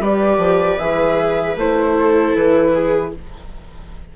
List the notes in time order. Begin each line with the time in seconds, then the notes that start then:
0.00 G3 G4 B4 D5
0.38 F3
0.78 E3 G#4 E5
1.56 A3 E4 C5
1.99 A4
2.35 E3 B4
2.74 G#4